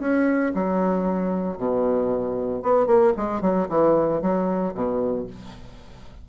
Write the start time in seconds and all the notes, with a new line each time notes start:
0.00 C#4
0.55 F#3
1.58 B2
2.63 B3
2.87 A#3
3.17 G#3
3.42 F#3
3.69 E3
4.22 F#3
4.75 B2